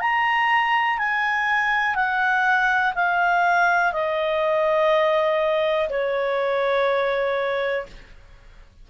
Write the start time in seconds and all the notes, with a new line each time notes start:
0.00 A#5
0.98 G#5
1.95 F#5
2.95 F5
3.93 D#5
5.89 C#5